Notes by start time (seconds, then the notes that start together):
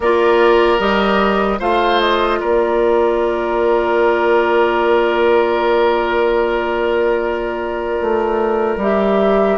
0.00 A#3 F4 A#4 D5
0.78 G3 G4 D#5
1.59 A3 F4 C5 F5
2.00 D#5
2.39 A#3 A#4 D5
8.01 A3
8.77 G3 G4 E5